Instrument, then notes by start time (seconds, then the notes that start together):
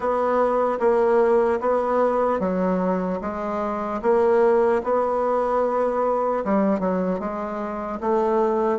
bassoon
0.00 B3
0.79 A#3
1.60 B3
2.39 F#3
3.21 G#3
4.01 A#3
4.83 B3
6.44 G3
6.79 F#3
7.19 G#3
8.00 A3